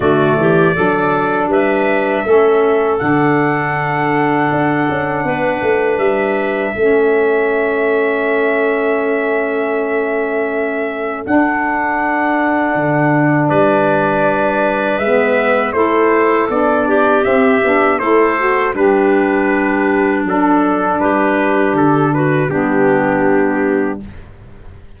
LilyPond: <<
  \new Staff \with { instrumentName = "trumpet" } { \time 4/4 \tempo 4 = 80 d''2 e''2 | fis''1 | e''1~ | e''2. fis''4~ |
fis''2 d''2 | e''4 c''4 d''4 e''4 | c''4 b'2 a'4 | b'4 a'8 b'8 g'2 | }
  \new Staff \with { instrumentName = "clarinet" } { \time 4/4 fis'8 g'8 a'4 b'4 a'4~ | a'2. b'4~ | b'4 a'2.~ | a'1~ |
a'2 b'2~ | b'4 a'4. g'4. | a'4 d'2. | g'4. fis'8 d'2 | }
  \new Staff \with { instrumentName = "saxophone" } { \time 4/4 a4 d'2 cis'4 | d'1~ | d'4 cis'2.~ | cis'2. d'4~ |
d'1 | b4 e'4 d'4 c'8 d'8 | e'8 fis'8 g'2 d'4~ | d'2 b2 | }
  \new Staff \with { instrumentName = "tuba" } { \time 4/4 d8 e8 fis4 g4 a4 | d2 d'8 cis'8 b8 a8 | g4 a2.~ | a2. d'4~ |
d'4 d4 g2 | gis4 a4 b4 c'8 b8 | a4 g2 fis4 | g4 d4 g2 | }
>>